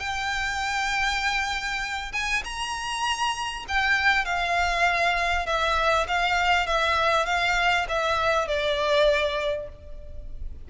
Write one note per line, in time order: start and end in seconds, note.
0.00 2.12 G5
2.13 2.43 G#5
2.44 3.65 A#5
3.68 4.25 G5
4.25 5.46 F5
5.46 6.07 E5
6.08 6.66 F5
6.66 7.26 E5
7.26 7.87 F5
7.89 8.48 E5
8.48 9.69 D5